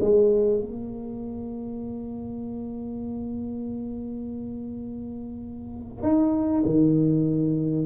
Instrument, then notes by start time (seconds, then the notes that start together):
tuba
0.00 G#3
0.61 A#3
6.02 D#4
6.65 D#3